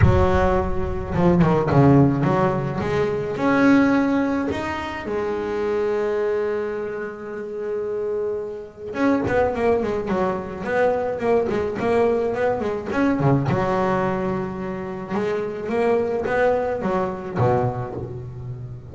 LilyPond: \new Staff \with { instrumentName = "double bass" } { \time 4/4 \tempo 4 = 107 fis2 f8 dis8 cis4 | fis4 gis4 cis'2 | dis'4 gis2.~ | gis1 |
cis'8 b8 ais8 gis8 fis4 b4 | ais8 gis8 ais4 b8 gis8 cis'8 cis8 | fis2. gis4 | ais4 b4 fis4 b,4 | }